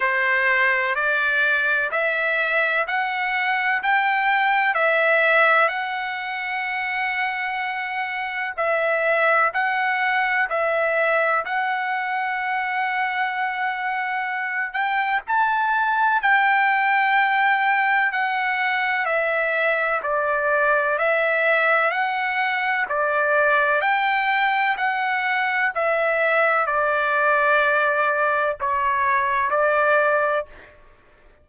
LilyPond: \new Staff \with { instrumentName = "trumpet" } { \time 4/4 \tempo 4 = 63 c''4 d''4 e''4 fis''4 | g''4 e''4 fis''2~ | fis''4 e''4 fis''4 e''4 | fis''2.~ fis''8 g''8 |
a''4 g''2 fis''4 | e''4 d''4 e''4 fis''4 | d''4 g''4 fis''4 e''4 | d''2 cis''4 d''4 | }